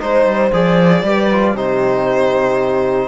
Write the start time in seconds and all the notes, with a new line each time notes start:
0.00 G#3 D#4 C5
0.26 G3
0.53 F3 G#4 D5
1.03 G3 G4 B4
1.32 F4
1.54 C3 D#4 G4 C5